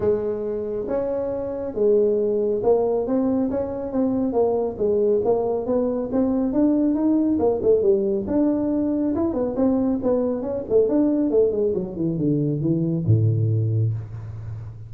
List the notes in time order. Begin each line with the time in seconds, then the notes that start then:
0.00 G#3
0.88 C#4
1.74 G#3
2.63 A#3
3.06 C4
3.50 C#4
3.92 C4
4.32 A#3
4.77 G#3
5.24 A#3
5.66 B3
6.12 C4
6.52 D4
6.94 D#4
7.39 A#3
7.62 A3
7.82 G3
8.27 D4
9.15 E4
9.33 B3
9.56 C4
10.02 B3
10.42 C#4
10.69 A3
10.88 D4
11.30 A3
11.51 G#3
11.74 F#3
11.96 E3
12.17 D3
12.61 E3
13.06 A2